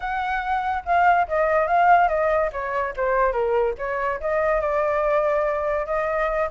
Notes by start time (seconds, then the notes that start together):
0.00 F#5
0.85 F5
1.28 D#5
1.67 F5
2.08 D#5
2.52 C#5
2.96 C5
3.32 A#4
3.78 C#5
4.20 D#5
4.60 D5
5.86 D#5